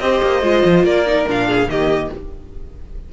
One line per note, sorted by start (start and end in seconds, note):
0.00 0.21 C4
0.00 0.42 G4
0.00 0.86 C5
0.00 0.84 D#5
0.23 0.42 A#3
0.42 0.63 G#3
0.42 1.05 F4
0.65 0.83 F3
0.83 1.25 A#3
0.83 1.48 A#4
0.83 1.27 D5
1.06 1.27 D#4
1.27 1.67 A#2
1.27 1.69 D4
1.27 1.70 F5
1.48 1.69 G#4
1.67 2.09 D#3
1.67 2.11 A#3
1.67 2.13 G4
1.67 2.12 D#5